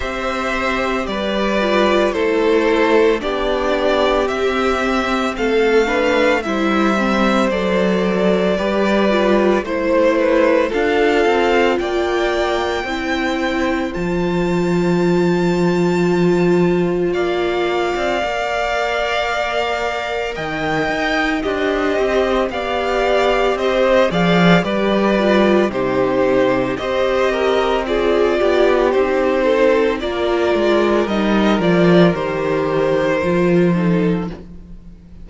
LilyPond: <<
  \new Staff \with { instrumentName = "violin" } { \time 4/4 \tempo 4 = 56 e''4 d''4 c''4 d''4 | e''4 f''4 e''4 d''4~ | d''4 c''4 f''4 g''4~ | g''4 a''2. |
f''2. g''4 | dis''4 f''4 dis''8 f''8 d''4 | c''4 dis''4 d''4 c''4 | d''4 dis''8 d''8 c''2 | }
  \new Staff \with { instrumentName = "violin" } { \time 4/4 c''4 b'4 a'4 g'4~ | g'4 a'8 b'8 c''2 | b'4 c''8 b'8 a'4 d''4 | c''1 |
d''2. dis''4 | g'4 d''4 c''8 d''8 b'4 | g'4 c''8 ais'8 gis'8 g'4 a'8 | ais'2.~ ais'8 a'8 | }
  \new Staff \with { instrumentName = "viola" } { \time 4/4 g'4. f'8 e'4 d'4 | c'4. d'8 e'8 c'8 a'4 | g'8 f'8 e'4 f'2 | e'4 f'2.~ |
f'4 ais'2. | c''4 g'4. gis'8 g'8 f'8 | dis'4 g'4 f'4 dis'4 | f'4 dis'8 f'8 g'4 f'8 dis'8 | }
  \new Staff \with { instrumentName = "cello" } { \time 4/4 c'4 g4 a4 b4 | c'4 a4 g4 fis4 | g4 a4 d'8 c'8 ais4 | c'4 f2. |
ais8. c'16 ais2 dis8 dis'8 | d'8 c'8 b4 c'8 f8 g4 | c4 c'4. b8 c'4 | ais8 gis8 g8 f8 dis4 f4 | }
>>